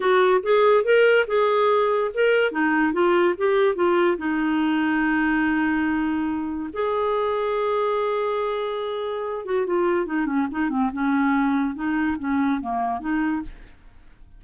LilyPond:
\new Staff \with { instrumentName = "clarinet" } { \time 4/4 \tempo 4 = 143 fis'4 gis'4 ais'4 gis'4~ | gis'4 ais'4 dis'4 f'4 | g'4 f'4 dis'2~ | dis'1 |
gis'1~ | gis'2~ gis'8 fis'8 f'4 | dis'8 cis'8 dis'8 c'8 cis'2 | dis'4 cis'4 ais4 dis'4 | }